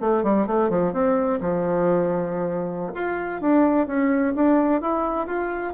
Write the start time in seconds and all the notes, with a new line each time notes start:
0.00 A3
0.23 G3
0.46 A3
0.69 F3
0.92 C4
1.40 F3
2.94 F4
3.41 D4
3.87 C#4
4.35 D4
4.81 E4
5.26 F4